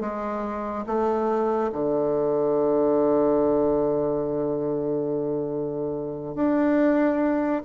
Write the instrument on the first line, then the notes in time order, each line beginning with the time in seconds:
bassoon
0.00 G#3
0.86 A3
1.72 D3
6.35 D4